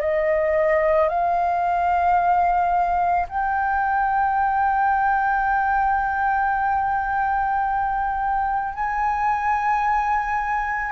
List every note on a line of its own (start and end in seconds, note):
0.00 1.08 D#5
1.08 3.26 F5
3.28 8.73 G5
8.73 10.91 G#5